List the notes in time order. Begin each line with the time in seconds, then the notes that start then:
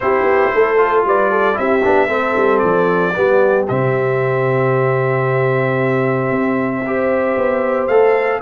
0.00 C4 E4 G4 C5
0.22 B3
0.54 A3 A4
0.77 F4
1.04 G3 B4 D5
1.30 A4
1.53 C4 E4 G4 E5
1.84 B3 D4
2.08 A3 C4 A4
2.36 G3
2.58 F3 D5
3.15 G3 B3 G4
3.68 C3 C4 E5
6.30 C4
6.86 G4 C5
7.36 B3
7.87 A3 A4 F5